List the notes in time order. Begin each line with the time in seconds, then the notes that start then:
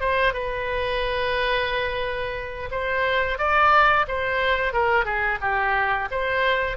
0.00 C5
0.33 B4
2.71 C5
3.38 D5
4.08 C5
4.73 A#4
5.05 G#4
5.41 G4
6.11 C5